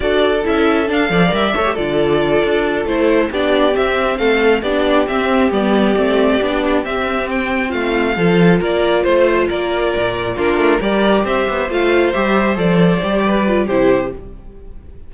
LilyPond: <<
  \new Staff \with { instrumentName = "violin" } { \time 4/4 \tempo 4 = 136 d''4 e''4 f''4 e''4 | d''2~ d''8 c''4 d''8~ | d''8 e''4 f''4 d''4 e''8~ | e''8 d''2. e''8~ |
e''8 g''4 f''2 d''8~ | d''8 c''4 d''2 ais'8~ | ais'8 d''4 e''4 f''4 e''8~ | e''8 d''2~ d''8 c''4 | }
  \new Staff \with { instrumentName = "violin" } { \time 4/4 a'2~ a'8 d''4 cis''8 | a'2.~ a'8 g'8~ | g'4. a'4 g'4.~ | g'1~ |
g'4. f'4 a'4 ais'8~ | ais'8 c''4 ais'2 f'8~ | f'8 ais'4 c''2~ c''8~ | c''2 b'4 g'4 | }
  \new Staff \with { instrumentName = "viola" } { \time 4/4 fis'4 e'4 d'8 a'8 ais'8 a'16 g'16 | f'2~ f'8 e'4 d'8~ | d'8 c'2 d'4 c'8~ | c'8 b4 c'4 d'4 c'8~ |
c'2~ c'8 f'4.~ | f'2.~ f'8 d'8~ | d'8 g'2 f'4 g'8~ | g'8 a'4 g'4 f'8 e'4 | }
  \new Staff \with { instrumentName = "cello" } { \time 4/4 d'4 cis'4 d'8 f8 g8 a8 | d4. d'4 a4 b8~ | b8 c'4 a4 b4 c'8~ | c'8 g4 a4 b4 c'8~ |
c'4. a4 f4 ais8~ | ais8 a4 ais4 ais,4 ais8 | a8 g4 c'8 b8 a4 g8~ | g8 f4 g4. c4 | }
>>